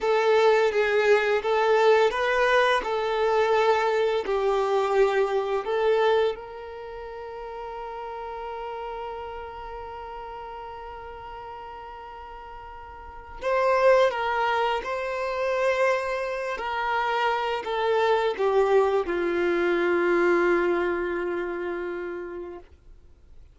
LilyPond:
\new Staff \with { instrumentName = "violin" } { \time 4/4 \tempo 4 = 85 a'4 gis'4 a'4 b'4 | a'2 g'2 | a'4 ais'2.~ | ais'1~ |
ais'2. c''4 | ais'4 c''2~ c''8 ais'8~ | ais'4 a'4 g'4 f'4~ | f'1 | }